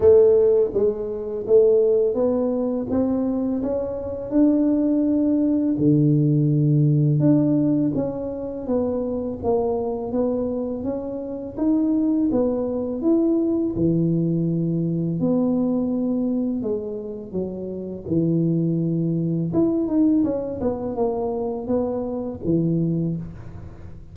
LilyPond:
\new Staff \with { instrumentName = "tuba" } { \time 4/4 \tempo 4 = 83 a4 gis4 a4 b4 | c'4 cis'4 d'2 | d2 d'4 cis'4 | b4 ais4 b4 cis'4 |
dis'4 b4 e'4 e4~ | e4 b2 gis4 | fis4 e2 e'8 dis'8 | cis'8 b8 ais4 b4 e4 | }